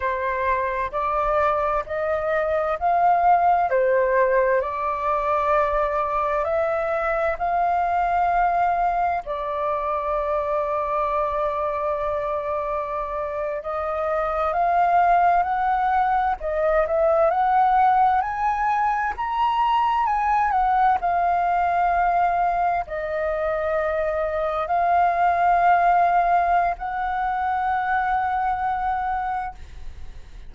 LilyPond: \new Staff \with { instrumentName = "flute" } { \time 4/4 \tempo 4 = 65 c''4 d''4 dis''4 f''4 | c''4 d''2 e''4 | f''2 d''2~ | d''2~ d''8. dis''4 f''16~ |
f''8. fis''4 dis''8 e''8 fis''4 gis''16~ | gis''8. ais''4 gis''8 fis''8 f''4~ f''16~ | f''8. dis''2 f''4~ f''16~ | f''4 fis''2. | }